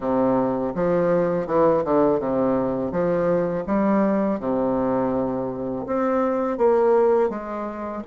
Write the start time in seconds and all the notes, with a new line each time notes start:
0.00 C3
0.74 F3
1.46 E3
1.84 D3
2.19 C3
2.91 F3
3.66 G3
4.39 C3
5.86 C4
6.57 A#3
7.29 G#3